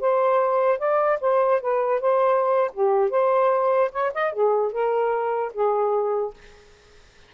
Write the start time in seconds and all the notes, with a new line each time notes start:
0.00 C5
0.79 D5
1.20 C5
1.61 B4
2.00 C5
2.73 G4
3.10 C5
3.92 C#5
4.14 D#5
4.32 G#4
4.72 A#4
5.53 G#4